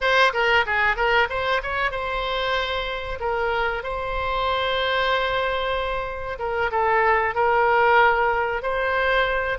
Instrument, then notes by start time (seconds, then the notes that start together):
oboe
0.00 C5
0.33 A#4
0.66 G#4
0.96 A#4
1.29 C5
1.62 C#5
1.91 C5
3.19 A#4
3.83 C5
6.38 A#4
6.71 A4
7.34 A#4
8.62 C5